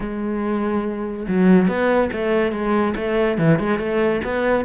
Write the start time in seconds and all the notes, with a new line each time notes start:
0.00 G#3
1.28 F#3
1.67 B3
2.12 A3
2.52 G#3
2.96 A3
3.38 E3
3.59 G#3
3.79 A3
4.24 B3